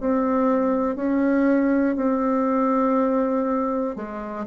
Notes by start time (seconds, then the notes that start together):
0.00 C4
0.95 C#4
1.96 C4
3.95 G#3